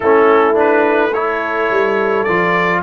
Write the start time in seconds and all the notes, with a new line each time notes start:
0.00 A3 C#4 E4 A4
0.54 D4 B4
1.13 E4 A4 C#5
1.70 G3
2.23 F3 F4 D5